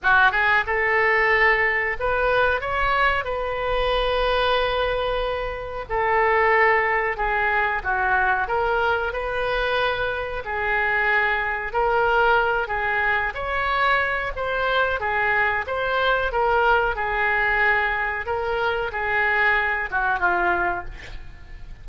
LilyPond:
\new Staff \with { instrumentName = "oboe" } { \time 4/4 \tempo 4 = 92 fis'8 gis'8 a'2 b'4 | cis''4 b'2.~ | b'4 a'2 gis'4 | fis'4 ais'4 b'2 |
gis'2 ais'4. gis'8~ | gis'8 cis''4. c''4 gis'4 | c''4 ais'4 gis'2 | ais'4 gis'4. fis'8 f'4 | }